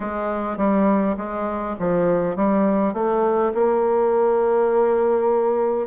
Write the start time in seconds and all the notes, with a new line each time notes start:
0.00 G#3
0.57 G3
1.17 G#3
1.79 F3
2.36 G3
2.93 A3
3.54 A#3